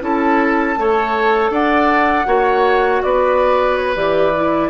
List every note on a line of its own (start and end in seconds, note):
0.00 0.76 C#4
0.00 0.75 E4
0.00 0.79 A4
0.00 1.53 A5
0.77 1.50 A3
0.77 2.26 A4
0.77 1.51 C#5
1.50 2.25 D4
1.50 2.26 D5
1.50 3.03 F#5
2.26 3.01 A#3
2.26 3.94 F#4
2.26 3.02 C#5
3.03 3.96 B3
3.03 4.70 B4
3.03 3.76 D5
3.76 3.95 C#5
3.95 4.70 E3
3.95 4.32 G4
3.95 4.70 D5
4.35 4.70 E4